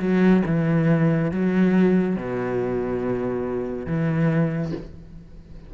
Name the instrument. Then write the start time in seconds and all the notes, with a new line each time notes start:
cello
0.00 F#3
0.46 E3
1.32 F#3
2.16 B2
3.87 E3